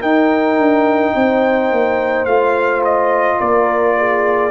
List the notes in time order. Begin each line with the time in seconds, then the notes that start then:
0.00 D#4 A#4 G5
0.57 D4
1.15 C4 C5
1.71 A#3
2.25 A3 F4 F5
2.85 D#5
3.40 A#3 A#4 D5
3.98 G#4